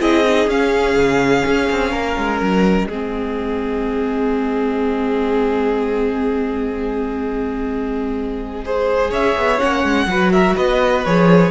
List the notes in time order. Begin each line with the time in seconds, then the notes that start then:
0.00 C4 E4 G#4 D#5
0.26 D#4
0.48 C#4 F5
0.96 C#3
1.46 C#4
1.71 C4
1.92 A#3 A#4
2.17 G#3
2.38 F#3 D#5
2.87 G#3 C4 G#4
8.65 G#4 C5
9.11 C#4 C#5 E5
9.37 B3
9.59 A#3 C#4 F#5
9.84 G#3
10.07 F#3 F#4 B4
10.32 A#4 E5
10.55 B3 B4 D#5
11.05 F3 G#4 C#5